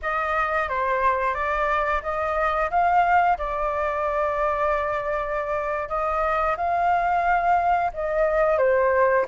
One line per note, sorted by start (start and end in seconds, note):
0.02 0.68 D#5
0.68 1.34 C5
1.34 2.01 D5
2.02 2.70 D#5
2.70 3.37 F5
3.38 5.88 D5
5.88 6.56 D#5
6.56 7.91 F5
7.93 8.58 D#5
8.58 9.25 C5